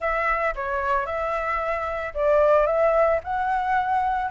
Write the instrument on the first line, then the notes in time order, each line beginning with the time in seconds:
flute
0.00 E5
0.55 C#5
1.05 E5
2.14 D5
2.66 E5
3.23 F#5